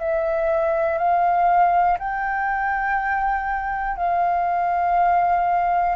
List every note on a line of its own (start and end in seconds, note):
0.00 0.98 E5
0.98 1.98 F5
1.99 3.97 G5
3.97 5.96 F5